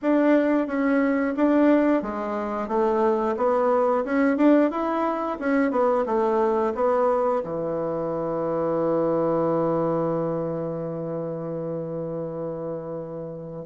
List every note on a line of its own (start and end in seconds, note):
0.02 0.67 D4
0.67 1.34 C#4
1.36 2.02 D4
2.02 2.68 G#3
2.68 3.35 A3
3.36 4.04 B3
4.04 4.37 C#4
4.37 4.70 D4
4.70 5.37 E4
5.39 5.71 C#4
5.71 6.05 B3
6.06 6.73 A3
6.74 7.42 B3
7.43 13.65 E3